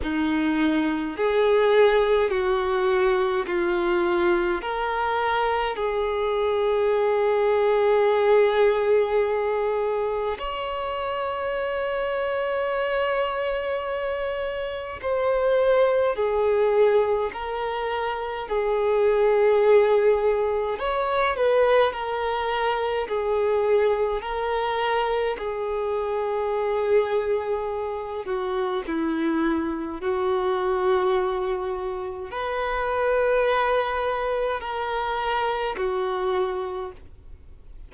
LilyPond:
\new Staff \with { instrumentName = "violin" } { \time 4/4 \tempo 4 = 52 dis'4 gis'4 fis'4 f'4 | ais'4 gis'2.~ | gis'4 cis''2.~ | cis''4 c''4 gis'4 ais'4 |
gis'2 cis''8 b'8 ais'4 | gis'4 ais'4 gis'2~ | gis'8 fis'8 e'4 fis'2 | b'2 ais'4 fis'4 | }